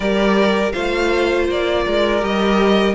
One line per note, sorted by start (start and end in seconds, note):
0.00 0.73 G3
0.00 0.72 G4
0.00 0.72 A#4
0.00 0.71 D5
0.71 1.48 A3
0.71 2.20 F4
0.71 1.83 C5
0.71 1.46 F5
1.48 1.85 A#3
1.48 2.24 D5
1.85 2.22 G#3
1.85 2.94 A#4
2.20 2.94 G3
2.20 2.94 G4
2.20 2.94 D#5